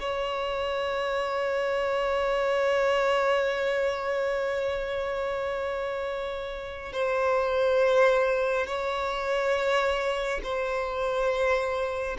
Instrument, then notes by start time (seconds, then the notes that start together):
violin
0.00 C#5
6.93 C5
8.67 C#5
10.43 C5